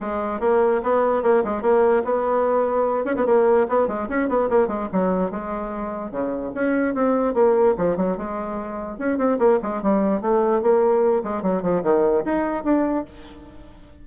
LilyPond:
\new Staff \with { instrumentName = "bassoon" } { \time 4/4 \tempo 4 = 147 gis4 ais4 b4 ais8 gis8 | ais4 b2~ b8 cis'16 b16 | ais4 b8 gis8 cis'8 b8 ais8 gis8 | fis4 gis2 cis4 |
cis'4 c'4 ais4 f8 fis8 | gis2 cis'8 c'8 ais8 gis8 | g4 a4 ais4. gis8 | fis8 f8 dis4 dis'4 d'4 | }